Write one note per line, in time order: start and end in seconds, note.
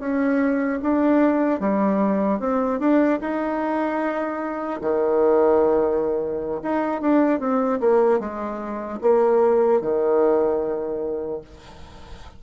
0.00 0.80 C#4
0.82 1.60 D4
1.60 2.40 G3
2.40 2.80 C4
2.80 3.20 D4
3.21 4.81 D#4
4.81 6.61 D#3
6.63 7.01 D#4
7.01 7.40 D4
7.40 7.80 C4
7.80 8.20 A#3
8.20 9.00 G#3
9.01 9.81 A#3
9.81 11.41 D#3